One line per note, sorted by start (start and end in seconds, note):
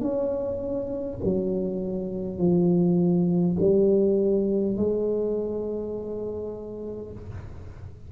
0.00 1.18 C#4
1.24 2.38 F#3
2.38 3.56 F3
3.59 4.76 G3
4.76 7.12 G#3